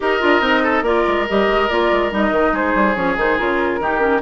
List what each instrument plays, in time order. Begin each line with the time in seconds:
0.00 bassoon D#4, clarinet G4, oboe A#4, flute D#5
0.20 bassoon D4, clarinet F4
0.40 bassoon C4, clarinet D#4
0.63 oboe A4
0.82 bassoon A#3, clarinet F4, oboe A#4, flute D5
1.07 bassoon G#3
1.27 bassoon G3, clarinet G4, flute D#5
1.47 bassoon G#3
1.69 bassoon A#3, clarinet F4, flute D5
1.91 bassoon G#3
2.11 bassoon G3, clarinet D#4, flute D#5
2.31 bassoon D#3
2.52 bassoon G#3, oboe G#4, flute C5
2.74 bassoon G3
2.95 bassoon F3, clarinet C#4, flute C#5
3.16 bassoon D#3, clarinet D#4, flute C5
3.37 bassoon C#3, clarinet F4, flute A#4
3.79 bassoon D#3, clarinet D#4, oboe G4
3.99 clarinet C#4